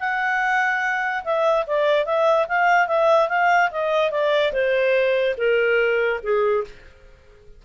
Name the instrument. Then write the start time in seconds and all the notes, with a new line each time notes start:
clarinet
0.00 F#5
1.25 E5
1.67 D5
2.06 E5
2.48 F5
2.88 E5
3.29 F5
3.71 D#5
4.11 D5
4.53 C5
5.38 A#4
6.23 G#4